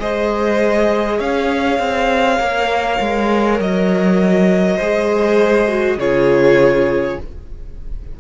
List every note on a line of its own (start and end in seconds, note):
0.00 1.20 G#3
0.00 2.39 G#4
0.00 1.18 C5
0.00 1.20 D#5
1.18 1.79 C#4
1.18 4.77 C#5
1.18 3.60 F5
1.79 2.40 C4
2.39 3.00 A#3
2.39 4.79 A#4
3.01 3.60 G#3
3.60 4.80 F#3
3.60 6.00 D#5
4.77 5.97 G#3
4.77 5.68 G#4
4.77 5.97 C5
5.68 5.98 F#4
5.97 7.17 C#3
5.97 7.20 F4
5.97 7.20 G#4
5.97 7.20 C#5